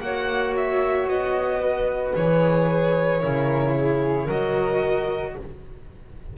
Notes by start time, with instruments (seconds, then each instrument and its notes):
0.00 double bass A#3, cello F#4, flute C#5, violin F#5
0.56 violin E5
1.06 double bass B3, violin D#5
1.60 flute B4
2.14 double bass E3, cello G#4, violin C#5
3.20 double bass C#3, cello E4, flute A#4
3.76 flute G#4
4.25 double bass F#3, cello F#4, flute A#4, violin D#5